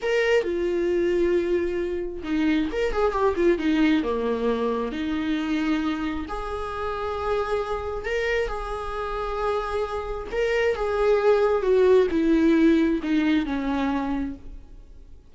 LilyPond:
\new Staff \with { instrumentName = "viola" } { \time 4/4 \tempo 4 = 134 ais'4 f'2.~ | f'4 dis'4 ais'8 gis'8 g'8 f'8 | dis'4 ais2 dis'4~ | dis'2 gis'2~ |
gis'2 ais'4 gis'4~ | gis'2. ais'4 | gis'2 fis'4 e'4~ | e'4 dis'4 cis'2 | }